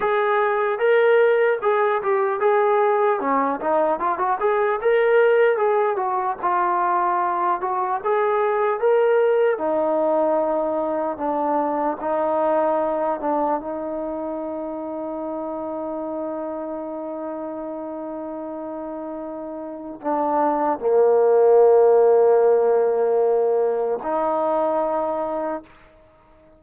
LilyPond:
\new Staff \with { instrumentName = "trombone" } { \time 4/4 \tempo 4 = 75 gis'4 ais'4 gis'8 g'8 gis'4 | cis'8 dis'8 f'16 fis'16 gis'8 ais'4 gis'8 fis'8 | f'4. fis'8 gis'4 ais'4 | dis'2 d'4 dis'4~ |
dis'8 d'8 dis'2.~ | dis'1~ | dis'4 d'4 ais2~ | ais2 dis'2 | }